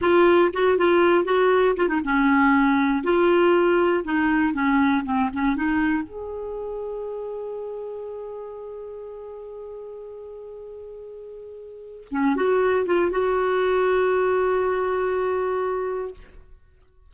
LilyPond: \new Staff \with { instrumentName = "clarinet" } { \time 4/4 \tempo 4 = 119 f'4 fis'8 f'4 fis'4 f'16 dis'16 | cis'2 f'2 | dis'4 cis'4 c'8 cis'8 dis'4 | gis'1~ |
gis'1~ | gis'1 | cis'8 fis'4 f'8 fis'2~ | fis'1 | }